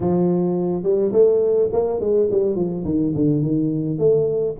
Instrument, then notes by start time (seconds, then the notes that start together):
tuba
0.00 F3
0.83 G3
1.12 A3
1.72 A#3
2.00 G#3
2.31 G3
2.55 F3
2.84 D#3
3.15 D3
3.42 D#3
3.98 A3